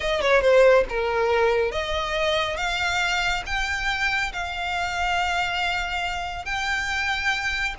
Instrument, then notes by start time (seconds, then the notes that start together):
violin
0.00 D#5
0.21 C#5
0.41 C5
0.89 A#4
1.71 D#5
2.56 F5
3.46 G5
4.32 F5
6.45 G5